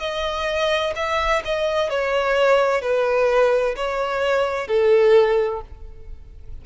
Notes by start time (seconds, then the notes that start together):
0.00 D#5
0.96 E5
1.45 D#5
1.90 C#5
2.82 B4
3.76 C#5
4.68 A4